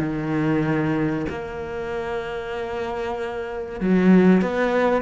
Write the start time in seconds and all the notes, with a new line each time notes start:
0.00 D#3
1.29 A#3
3.81 F#3
4.42 B3